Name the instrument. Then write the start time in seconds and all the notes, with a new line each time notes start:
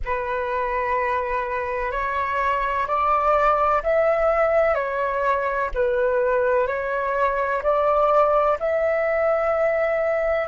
flute
0.05 B4
1.91 C#5
2.87 D5
3.83 E5
4.74 C#5
5.74 B4
6.67 C#5
7.62 D5
8.59 E5